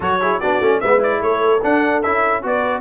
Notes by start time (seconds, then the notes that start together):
0.00 F#3 F#4 A4 C#5
0.21 E4 G#4
0.39 B3 D4 F#4 D5
0.60 A3 C#4
0.80 G#3 B3 B4 E5
0.98 E4 D5
1.21 A3 A4 C#5
1.62 D4 F#5
2.02 C#4 E4 E5
2.42 B3 F#4 B4 D5